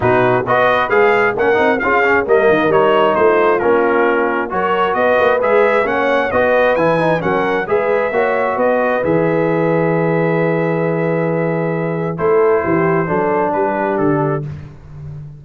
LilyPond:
<<
  \new Staff \with { instrumentName = "trumpet" } { \time 4/4 \tempo 4 = 133 b'4 dis''4 f''4 fis''4 | f''4 dis''4 cis''4 c''4 | ais'2 cis''4 dis''4 | e''4 fis''4 dis''4 gis''4 |
fis''4 e''2 dis''4 | e''1~ | e''2. c''4~ | c''2 b'4 a'4 | }
  \new Staff \with { instrumentName = "horn" } { \time 4/4 fis'4 b'2 ais'4 | gis'4 ais'2 f'4~ | f'2 ais'4 b'4~ | b'4 cis''4 b'2 |
ais'4 b'4 cis''4 b'4~ | b'1~ | b'2. a'4 | g'4 a'4 g'2 | }
  \new Staff \with { instrumentName = "trombone" } { \time 4/4 dis'4 fis'4 gis'4 cis'8 dis'8 | f'8 cis'8 ais4 dis'2 | cis'2 fis'2 | gis'4 cis'4 fis'4 e'8 dis'8 |
cis'4 gis'4 fis'2 | gis'1~ | gis'2. e'4~ | e'4 d'2. | }
  \new Staff \with { instrumentName = "tuba" } { \time 4/4 b,4 b4 gis4 ais8 c'8 | cis'4 g8 dis8 g4 a4 | ais2 fis4 b8 ais8 | gis4 ais4 b4 e4 |
fis4 gis4 ais4 b4 | e1~ | e2. a4 | e4 fis4 g4 d4 | }
>>